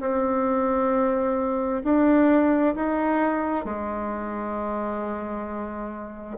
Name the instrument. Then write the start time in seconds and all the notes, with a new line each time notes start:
bassoon
0.00 C4
1.83 D4
2.75 D#4
3.64 G#3